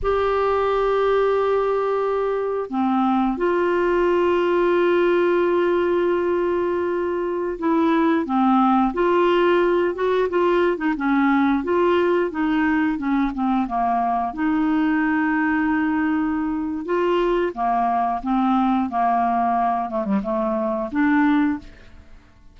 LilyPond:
\new Staff \with { instrumentName = "clarinet" } { \time 4/4 \tempo 4 = 89 g'1 | c'4 f'2.~ | f'2.~ f'16 e'8.~ | e'16 c'4 f'4. fis'8 f'8. |
dis'16 cis'4 f'4 dis'4 cis'8 c'16~ | c'16 ais4 dis'2~ dis'8.~ | dis'4 f'4 ais4 c'4 | ais4. a16 g16 a4 d'4 | }